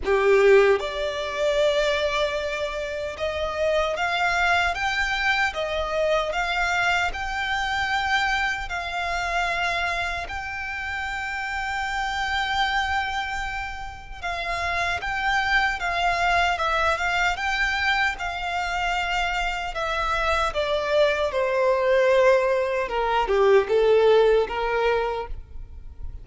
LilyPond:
\new Staff \with { instrumentName = "violin" } { \time 4/4 \tempo 4 = 76 g'4 d''2. | dis''4 f''4 g''4 dis''4 | f''4 g''2 f''4~ | f''4 g''2.~ |
g''2 f''4 g''4 | f''4 e''8 f''8 g''4 f''4~ | f''4 e''4 d''4 c''4~ | c''4 ais'8 g'8 a'4 ais'4 | }